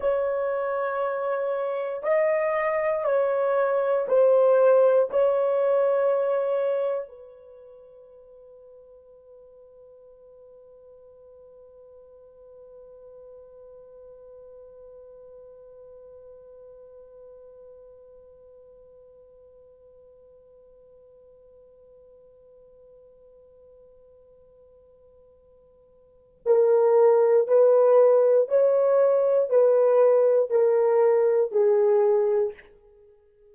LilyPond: \new Staff \with { instrumentName = "horn" } { \time 4/4 \tempo 4 = 59 cis''2 dis''4 cis''4 | c''4 cis''2 b'4~ | b'1~ | b'1~ |
b'1~ | b'1~ | b'2 ais'4 b'4 | cis''4 b'4 ais'4 gis'4 | }